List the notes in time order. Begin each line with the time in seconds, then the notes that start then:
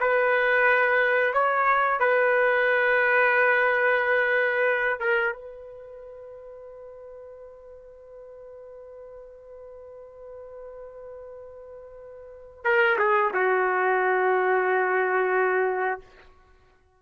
0.00 B4
1.33 C#5
2.00 B4
4.99 A#4
5.33 B4
12.64 A#4
12.98 G#4
13.34 F#4